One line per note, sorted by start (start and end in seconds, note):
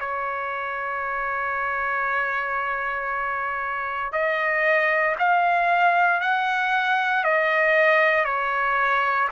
0.00 4.12 C#5
4.12 5.16 D#5
5.19 6.21 F5
6.21 7.24 F#5
7.24 8.25 D#5
8.25 9.28 C#5